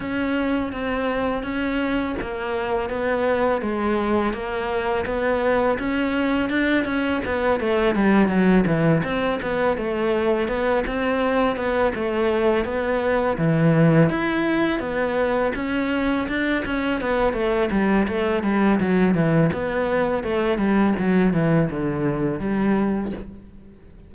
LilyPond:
\new Staff \with { instrumentName = "cello" } { \time 4/4 \tempo 4 = 83 cis'4 c'4 cis'4 ais4 | b4 gis4 ais4 b4 | cis'4 d'8 cis'8 b8 a8 g8 fis8 | e8 c'8 b8 a4 b8 c'4 |
b8 a4 b4 e4 e'8~ | e'8 b4 cis'4 d'8 cis'8 b8 | a8 g8 a8 g8 fis8 e8 b4 | a8 g8 fis8 e8 d4 g4 | }